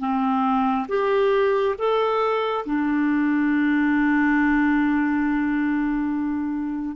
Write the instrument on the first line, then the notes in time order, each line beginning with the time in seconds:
clarinet
0.00 C4
0.89 G4
1.79 A4
2.66 D4